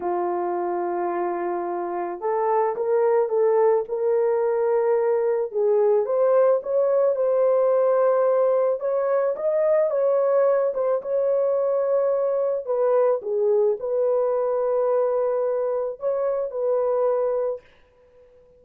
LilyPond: \new Staff \with { instrumentName = "horn" } { \time 4/4 \tempo 4 = 109 f'1 | a'4 ais'4 a'4 ais'4~ | ais'2 gis'4 c''4 | cis''4 c''2. |
cis''4 dis''4 cis''4. c''8 | cis''2. b'4 | gis'4 b'2.~ | b'4 cis''4 b'2 | }